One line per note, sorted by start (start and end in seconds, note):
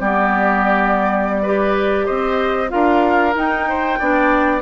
0.00 2.07 G3
0.00 1.45 B3
0.00 1.42 G4
0.00 2.06 D5
1.42 2.69 G4
1.42 2.05 B4
2.05 2.73 C4
2.05 2.69 C5
2.05 2.70 D#5
2.69 3.35 D4
2.69 3.33 F4
2.69 3.69 A#4
2.69 3.34 F5
3.34 3.98 D#4
3.34 3.99 D#4
3.34 4.62 G5
3.69 3.99 C5
3.99 4.62 B3
3.99 4.62 D4
3.99 4.62 D5